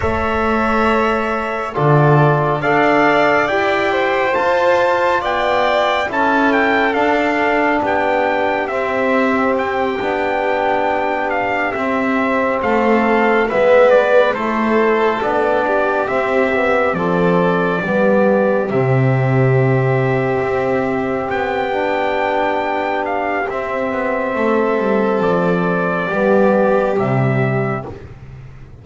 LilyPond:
<<
  \new Staff \with { instrumentName = "trumpet" } { \time 4/4 \tempo 4 = 69 e''2 d''4 f''4 | g''4 a''4 g''4 a''8 g''8 | f''4 g''4 e''4 g''4~ | g''4 f''8 e''4 f''4 e''8 |
d''8 c''4 d''4 e''4 d''8~ | d''4. e''2~ e''8~ | e''8 g''2 f''8 e''4~ | e''4 d''2 e''4 | }
  \new Staff \with { instrumentName = "violin" } { \time 4/4 cis''2 a'4 d''4~ | d''8 c''4. d''4 a'4~ | a'4 g'2.~ | g'2~ g'8 a'4 b'8~ |
b'8 a'4. g'4. a'8~ | a'8 g'2.~ g'8~ | g'1 | a'2 g'2 | }
  \new Staff \with { instrumentName = "trombone" } { \time 4/4 a'2 f'4 a'4 | g'4 f'2 e'4 | d'2 c'4. d'8~ | d'4. c'2 b8~ |
b8 e'4 d'4 c'8 b8 c'8~ | c'8 b4 c'2~ c'8~ | c'4 d'2 c'4~ | c'2 b4 g4 | }
  \new Staff \with { instrumentName = "double bass" } { \time 4/4 a2 d4 d'4 | e'4 f'4 b4 cis'4 | d'4 b4 c'4. b8~ | b4. c'4 a4 gis8~ |
gis8 a4 b4 c'4 f8~ | f8 g4 c2 c'8~ | c'8 b2~ b8 c'8 b8 | a8 g8 f4 g4 c4 | }
>>